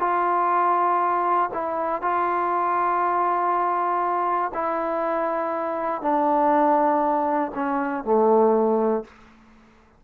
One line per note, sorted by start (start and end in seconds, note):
0.00 1.50 F4
1.54 2.02 E4
2.02 4.52 F4
4.54 6.02 E4
6.02 7.52 D4
7.55 8.05 C#4
8.05 9.05 A3